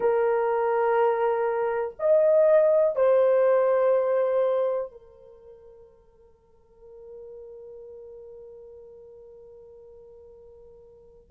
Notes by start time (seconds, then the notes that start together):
0.00 A#4
1.99 D#5
2.95 C5
4.91 A#4